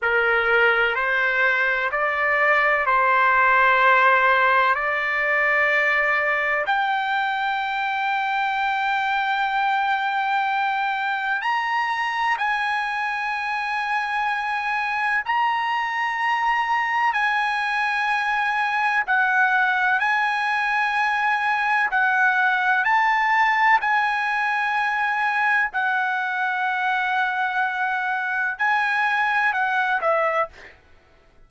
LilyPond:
\new Staff \with { instrumentName = "trumpet" } { \time 4/4 \tempo 4 = 63 ais'4 c''4 d''4 c''4~ | c''4 d''2 g''4~ | g''1 | ais''4 gis''2. |
ais''2 gis''2 | fis''4 gis''2 fis''4 | a''4 gis''2 fis''4~ | fis''2 gis''4 fis''8 e''8 | }